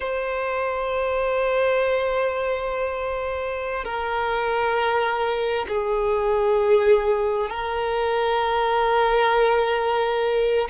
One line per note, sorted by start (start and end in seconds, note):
0.00 3.84 C5
3.84 5.66 A#4
5.68 7.50 G#4
7.50 10.68 A#4